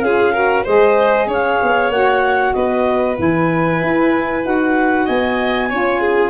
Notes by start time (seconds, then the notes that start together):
0.00 C#4 F4 G#4 F5
0.33 F#4 A#4
0.64 G#3 G#4 C5 D#5
1.27 C#4 C#5
1.33 F5
1.63 B3
1.89 A#3 F#4 F#5
2.53 B3 B4 D#5
3.15 E3 E4 G#5
3.81 E4
4.42 D#4 F#4 F#5
5.05 B3 D#5 G#5
5.69 C#4 F4 C#5
6.00 G#4